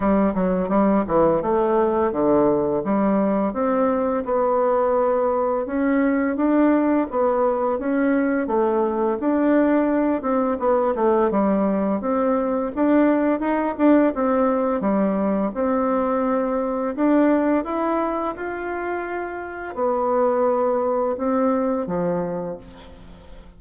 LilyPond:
\new Staff \with { instrumentName = "bassoon" } { \time 4/4 \tempo 4 = 85 g8 fis8 g8 e8 a4 d4 | g4 c'4 b2 | cis'4 d'4 b4 cis'4 | a4 d'4. c'8 b8 a8 |
g4 c'4 d'4 dis'8 d'8 | c'4 g4 c'2 | d'4 e'4 f'2 | b2 c'4 f4 | }